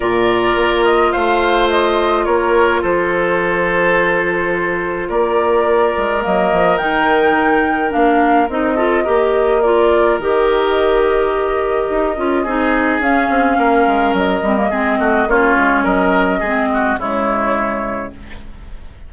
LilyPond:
<<
  \new Staff \with { instrumentName = "flute" } { \time 4/4 \tempo 4 = 106 d''4. dis''8 f''4 dis''4 | cis''4 c''2.~ | c''4 d''2 dis''4 | g''2 f''4 dis''4~ |
dis''4 d''4 dis''2~ | dis''2. f''4~ | f''4 dis''2 cis''4 | dis''2 cis''2 | }
  \new Staff \with { instrumentName = "oboe" } { \time 4/4 ais'2 c''2 | ais'4 a'2.~ | a'4 ais'2.~ | ais'2.~ ais'8 a'8 |
ais'1~ | ais'2 gis'2 | ais'2 gis'8 fis'8 f'4 | ais'4 gis'8 fis'8 e'2 | }
  \new Staff \with { instrumentName = "clarinet" } { \time 4/4 f'1~ | f'1~ | f'2. ais4 | dis'2 d'4 dis'8 f'8 |
g'4 f'4 g'2~ | g'4. f'8 dis'4 cis'4~ | cis'4. c'16 ais16 c'4 cis'4~ | cis'4 c'4 gis2 | }
  \new Staff \with { instrumentName = "bassoon" } { \time 4/4 ais,4 ais4 a2 | ais4 f2.~ | f4 ais4. gis8 fis8 f8 | dis2 ais4 c'4 |
ais2 dis2~ | dis4 dis'8 cis'8 c'4 cis'8 c'8 | ais8 gis8 fis8 g8 gis8 a8 ais8 gis8 | fis4 gis4 cis2 | }
>>